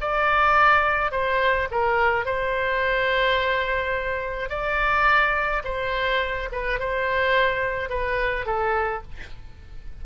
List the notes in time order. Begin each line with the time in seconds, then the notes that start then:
0.00 D5
1.11 C5
1.71 A#4
2.25 C5
4.49 D5
5.64 C5
6.51 B4
6.79 C5
7.89 B4
8.45 A4